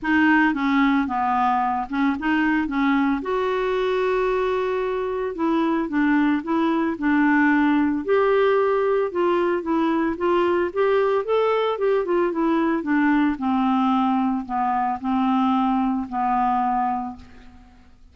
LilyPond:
\new Staff \with { instrumentName = "clarinet" } { \time 4/4 \tempo 4 = 112 dis'4 cis'4 b4. cis'8 | dis'4 cis'4 fis'2~ | fis'2 e'4 d'4 | e'4 d'2 g'4~ |
g'4 f'4 e'4 f'4 | g'4 a'4 g'8 f'8 e'4 | d'4 c'2 b4 | c'2 b2 | }